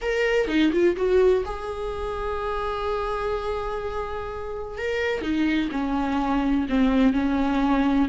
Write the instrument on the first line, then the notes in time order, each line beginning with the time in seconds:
viola
0.01 A#4
0.47 D#4
0.72 F4
0.96 F#4
1.45 G#4
4.77 A#4
5.21 D#4
5.71 C#4
6.69 C4
7.13 C#4